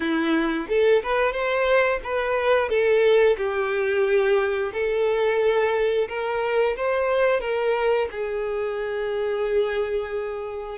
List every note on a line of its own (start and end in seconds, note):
0.00 0.67 E4
0.68 1.02 A4
1.03 1.32 B4
1.32 1.99 C5
2.03 2.69 B4
2.69 3.36 A4
3.37 4.72 G4
4.73 6.08 A4
6.08 6.76 A#4
6.76 7.40 C5
7.40 8.07 A#4
8.11 10.78 G#4